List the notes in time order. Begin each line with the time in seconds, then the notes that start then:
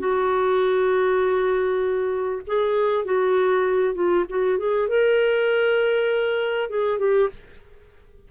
0.00 F#4
2.47 G#4
3.06 F#4
3.95 F4
4.30 F#4
4.59 G#4
4.89 A#4
6.70 G#4
6.99 G4